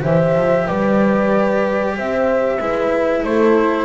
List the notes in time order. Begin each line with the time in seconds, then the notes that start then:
0.00 E3 G4 C5 E5
0.35 F3
0.66 G3 B4 D5
1.96 C4 C5 E5
2.60 G#3 E4 B4
3.23 A3 A4 C5